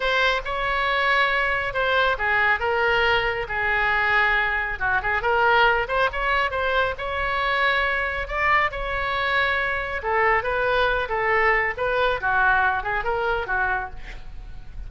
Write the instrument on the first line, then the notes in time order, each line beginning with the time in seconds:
oboe
0.00 C5
0.45 C#5
1.73 C5
2.18 G#4
2.59 A#4
3.48 G#4
4.79 F#4
5.02 G#4
5.22 A#4
5.87 C5
6.12 C#5
6.50 C5
6.97 C#5
8.27 D5
8.71 C#5
10.03 A4
10.43 B4
11.08 A4
11.77 B4
12.21 F#4
12.83 G#4
13.03 A#4
13.46 F#4